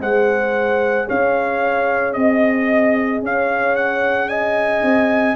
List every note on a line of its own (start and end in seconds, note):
0.00 1.07 G#3
0.00 5.36 G#4
0.00 1.08 C5
0.00 1.09 F#5
1.08 2.15 C#4
1.08 2.15 C#5
1.08 2.13 F5
2.13 3.22 C4
2.13 3.20 D#5
2.13 3.22 D#5
3.22 4.82 C#4
3.22 4.30 C#5
3.22 3.76 F5
3.76 4.29 F#5
4.29 5.36 D#5
4.29 5.36 G#5
4.82 5.36 C4